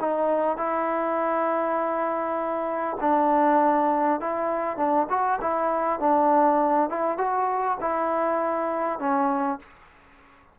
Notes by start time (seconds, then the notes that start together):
0.00 D#4
0.57 E4
3.00 D4
4.20 E4
4.76 D4
5.09 F#4
5.41 E4
5.99 D4
6.89 E4
7.17 F#4
7.80 E4
8.99 C#4